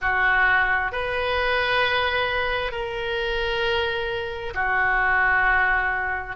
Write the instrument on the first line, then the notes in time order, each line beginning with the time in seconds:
oboe
0.01 F#4
0.91 B4
2.71 A#4
4.54 F#4